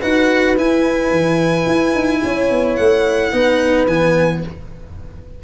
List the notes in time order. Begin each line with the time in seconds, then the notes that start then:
0.00 D#4 F#4 B4 F#5
0.57 E4 G#5
1.10 E3
1.66 E4
1.94 D#4
2.23 C#4 C#5
2.50 B3
2.75 A3 F#5
3.32 B3 D#4 B4
3.86 E3 B3 G#5